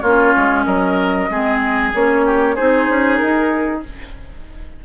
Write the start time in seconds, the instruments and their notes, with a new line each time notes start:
0.00 bassoon A#3, clarinet C#4, oboe F4, flute C#5
0.36 bassoon G#3
0.64 bassoon F#3, oboe A#4, flute D#5
1.30 bassoon G#3, clarinet C4, oboe G#4
1.94 bassoon A#3, clarinet C#4, flute C#5
2.25 oboe G4
2.55 bassoon C4, clarinet D#4, oboe G#4, flute C5
2.89 bassoon C#4
3.17 bassoon D#4, flute A#4